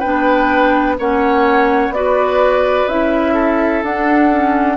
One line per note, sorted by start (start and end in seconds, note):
0.00 0.99 B3
0.00 0.98 D4
0.00 0.95 B4
0.00 0.96 G5
0.99 1.89 A#3
0.99 1.94 C#4
0.99 1.94 C#5
0.99 1.93 F#5
1.89 2.85 B3
1.89 2.89 F#4
1.89 2.88 D5
1.96 3.34 B4
2.88 3.83 C#4
2.88 3.84 E4
2.88 3.84 E5
3.34 4.77 A4
3.83 4.77 D4
3.83 4.31 D4
3.83 4.77 F#5
4.31 4.77 C#4